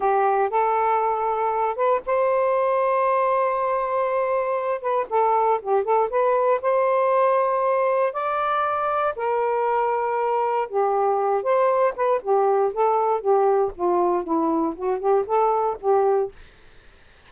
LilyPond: \new Staff \with { instrumentName = "saxophone" } { \time 4/4 \tempo 4 = 118 g'4 a'2~ a'8 b'8 | c''1~ | c''4. b'8 a'4 g'8 a'8 | b'4 c''2. |
d''2 ais'2~ | ais'4 g'4. c''4 b'8 | g'4 a'4 g'4 f'4 | e'4 fis'8 g'8 a'4 g'4 | }